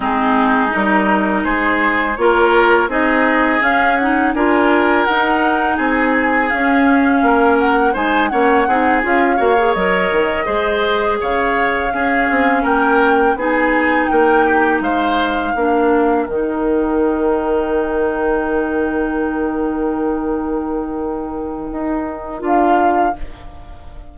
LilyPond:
<<
  \new Staff \with { instrumentName = "flute" } { \time 4/4 \tempo 4 = 83 gis'4 ais'4 c''4 cis''4 | dis''4 f''8 fis''8 gis''4 fis''4 | gis''4 f''4. fis''8 gis''8 fis''8~ | fis''8 f''4 dis''2 f''8~ |
f''4. g''4 gis''4 g''8~ | g''8 f''2 g''4.~ | g''1~ | g''2. f''4 | }
  \new Staff \with { instrumentName = "oboe" } { \time 4/4 dis'2 gis'4 ais'4 | gis'2 ais'2 | gis'2 ais'4 c''8 cis''8 | gis'4 cis''4. c''4 cis''8~ |
cis''8 gis'4 ais'4 gis'4 ais'8 | g'8 c''4 ais'2~ ais'8~ | ais'1~ | ais'1 | }
  \new Staff \with { instrumentName = "clarinet" } { \time 4/4 c'4 dis'2 f'4 | dis'4 cis'8 dis'8 f'4 dis'4~ | dis'4 cis'2 dis'8 cis'8 | dis'8 f'8 fis'16 gis'16 ais'4 gis'4.~ |
gis'8 cis'2 dis'4.~ | dis'4. d'4 dis'4.~ | dis'1~ | dis'2. f'4 | }
  \new Staff \with { instrumentName = "bassoon" } { \time 4/4 gis4 g4 gis4 ais4 | c'4 cis'4 d'4 dis'4 | c'4 cis'4 ais4 gis8 ais8 | c'8 cis'8 ais8 fis8 dis8 gis4 cis8~ |
cis8 cis'8 c'8 ais4 b4 ais8~ | ais8 gis4 ais4 dis4.~ | dis1~ | dis2 dis'4 d'4 | }
>>